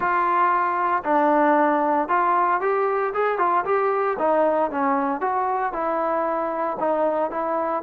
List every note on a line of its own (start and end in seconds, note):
0.00 1.03 F4
1.04 2.08 D4
2.08 2.60 F4
2.61 3.13 G4
3.14 3.38 G#4
3.38 3.64 F4
3.65 4.17 G4
4.18 4.70 D#4
4.70 5.21 C#4
5.21 5.72 F#4
5.72 6.77 E4
6.79 7.30 D#4
7.30 7.82 E4